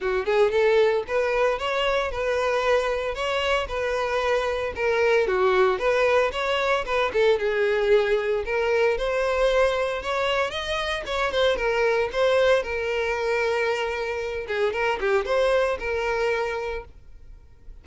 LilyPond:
\new Staff \with { instrumentName = "violin" } { \time 4/4 \tempo 4 = 114 fis'8 gis'8 a'4 b'4 cis''4 | b'2 cis''4 b'4~ | b'4 ais'4 fis'4 b'4 | cis''4 b'8 a'8 gis'2 |
ais'4 c''2 cis''4 | dis''4 cis''8 c''8 ais'4 c''4 | ais'2.~ ais'8 gis'8 | ais'8 g'8 c''4 ais'2 | }